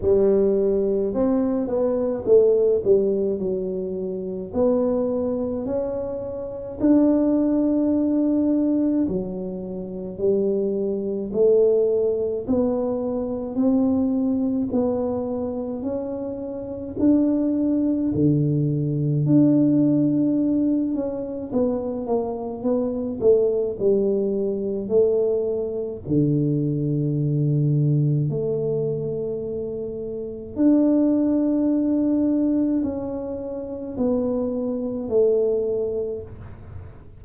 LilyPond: \new Staff \with { instrumentName = "tuba" } { \time 4/4 \tempo 4 = 53 g4 c'8 b8 a8 g8 fis4 | b4 cis'4 d'2 | fis4 g4 a4 b4 | c'4 b4 cis'4 d'4 |
d4 d'4. cis'8 b8 ais8 | b8 a8 g4 a4 d4~ | d4 a2 d'4~ | d'4 cis'4 b4 a4 | }